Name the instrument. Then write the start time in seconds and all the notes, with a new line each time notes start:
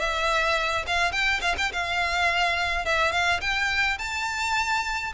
violin
0.00 E5
0.87 F5
1.12 G5
1.42 F5
1.58 G5
1.73 F5
2.86 E5
3.12 F5
3.42 G5
3.99 A5